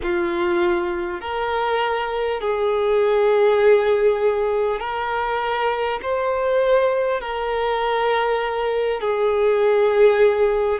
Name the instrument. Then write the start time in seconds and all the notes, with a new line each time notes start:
violin
0.02 F4
1.20 A#4
2.40 G#4
4.79 A#4
6.02 C5
7.21 A#4
9.01 G#4